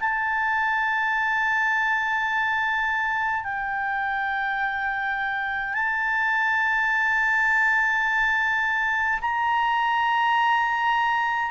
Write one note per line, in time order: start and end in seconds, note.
0.00 3.44 A5
3.44 5.74 G5
5.74 9.20 A5
9.22 11.51 A#5